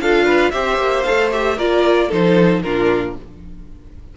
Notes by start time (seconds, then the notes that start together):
0.00 D4 F4 A4 F5
0.26 B4
0.51 C4 G4 C5 E5
0.78 A#3
1.03 A4 F5
1.10 A3
1.32 G4 E5
1.57 A#3 F4 A#4 D5
2.08 F3 D#4 A4 C5
2.62 A#2 D4 F4 A#4